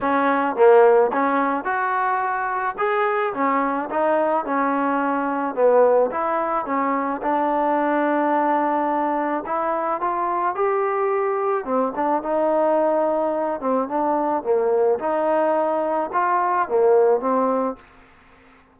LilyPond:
\new Staff \with { instrumentName = "trombone" } { \time 4/4 \tempo 4 = 108 cis'4 ais4 cis'4 fis'4~ | fis'4 gis'4 cis'4 dis'4 | cis'2 b4 e'4 | cis'4 d'2.~ |
d'4 e'4 f'4 g'4~ | g'4 c'8 d'8 dis'2~ | dis'8 c'8 d'4 ais4 dis'4~ | dis'4 f'4 ais4 c'4 | }